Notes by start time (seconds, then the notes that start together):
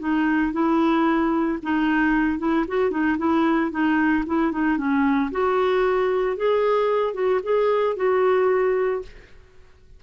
0.00 D#4
0.53 E4
1.63 D#4
2.39 E4
2.68 F#4
2.91 D#4
3.18 E4
3.71 D#4
4.27 E4
4.52 D#4
4.78 C#4
5.32 F#4
6.37 G#4
7.14 F#4
7.43 G#4
7.96 F#4